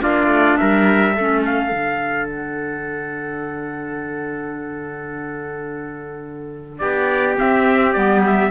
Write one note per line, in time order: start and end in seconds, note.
0.00 0.27 A#3
0.00 1.13 D4
0.00 0.59 F4
0.00 0.57 D5
0.27 0.55 A3
0.57 1.17 G3
0.57 1.14 A#4
0.57 1.42 E5
1.14 1.72 A3
1.14 1.71 C#4
1.14 6.80 A4
1.45 2.29 F5
1.71 6.81 D3
1.71 7.36 D4
2.29 6.78 F#5
6.78 7.37 B3
6.78 8.51 G4
6.78 7.35 D5
7.36 7.92 C4
7.36 7.96 C4
7.36 7.93 E5
7.93 8.51 G3
7.93 8.51 B3
7.93 8.21 D5
8.27 8.51 E5